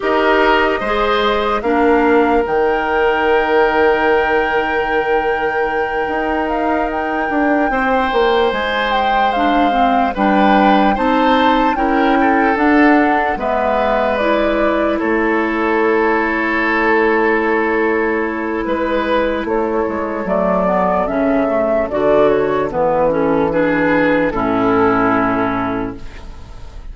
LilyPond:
<<
  \new Staff \with { instrumentName = "flute" } { \time 4/4 \tempo 4 = 74 dis''2 f''4 g''4~ | g''1 | f''8 g''2 gis''8 g''8 f''8~ | f''8 g''4 a''4 g''4 fis''8~ |
fis''8 e''4 d''4 cis''4.~ | cis''2. b'4 | cis''4 d''4 e''4 d''8 cis''8 | b'8 a'8 b'4 a'2 | }
  \new Staff \with { instrumentName = "oboe" } { \time 4/4 ais'4 c''4 ais'2~ | ais'1~ | ais'4. c''2~ c''8~ | c''8 b'4 c''4 ais'8 a'4~ |
a'8 b'2 a'4.~ | a'2. b'4 | a'1~ | a'4 gis'4 e'2 | }
  \new Staff \with { instrumentName = "clarinet" } { \time 4/4 g'4 gis'4 d'4 dis'4~ | dis'1~ | dis'2.~ dis'8 d'8 | c'8 d'4 dis'4 e'4 d'8~ |
d'8 b4 e'2~ e'8~ | e'1~ | e'4 a8 b8 cis'8 a8 fis'4 | b8 cis'8 d'4 cis'2 | }
  \new Staff \with { instrumentName = "bassoon" } { \time 4/4 dis'4 gis4 ais4 dis4~ | dis2.~ dis8 dis'8~ | dis'4 d'8 c'8 ais8 gis4.~ | gis8 g4 c'4 cis'4 d'8~ |
d'8 gis2 a4.~ | a2. gis4 | a8 gis8 fis4 cis4 d4 | e2 a,2 | }
>>